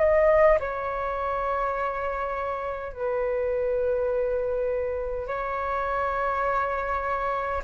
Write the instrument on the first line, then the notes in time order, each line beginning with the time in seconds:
flute
0.00 D#5
0.60 C#5
2.93 B4
5.28 C#5